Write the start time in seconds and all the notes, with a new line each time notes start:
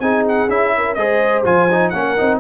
0.00 C4 D#4 G#4 G#5
0.29 F#5
0.49 C#4 E4 E5
0.77 A#4
0.95 G#3 G#4 C5 D#5
1.45 F3 F4 G#5
1.71 D#4
1.90 A#3 C#4 A#4 F#5
2.18 C4 D#4